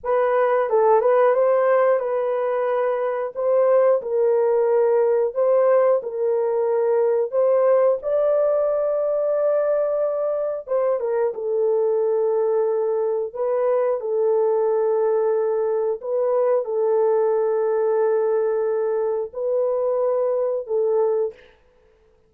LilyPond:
\new Staff \with { instrumentName = "horn" } { \time 4/4 \tempo 4 = 90 b'4 a'8 b'8 c''4 b'4~ | b'4 c''4 ais'2 | c''4 ais'2 c''4 | d''1 |
c''8 ais'8 a'2. | b'4 a'2. | b'4 a'2.~ | a'4 b'2 a'4 | }